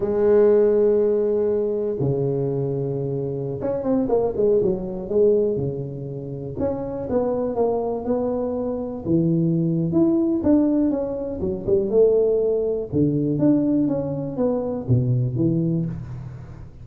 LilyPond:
\new Staff \with { instrumentName = "tuba" } { \time 4/4 \tempo 4 = 121 gis1 | cis2.~ cis16 cis'8 c'16~ | c'16 ais8 gis8 fis4 gis4 cis8.~ | cis4~ cis16 cis'4 b4 ais8.~ |
ais16 b2 e4.~ e16 | e'4 d'4 cis'4 fis8 g8 | a2 d4 d'4 | cis'4 b4 b,4 e4 | }